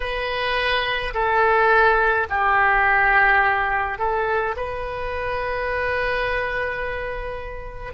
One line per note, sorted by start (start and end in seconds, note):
0.00 1.13 B4
1.14 2.27 A4
2.29 3.98 G4
3.98 4.55 A4
4.56 7.93 B4